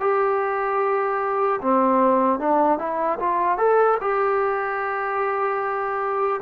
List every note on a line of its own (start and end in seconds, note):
0.00 1.60 G4
1.61 2.39 C4
2.39 2.79 D4
2.79 3.19 E4
3.19 3.58 F4
3.58 3.98 A4
4.01 6.41 G4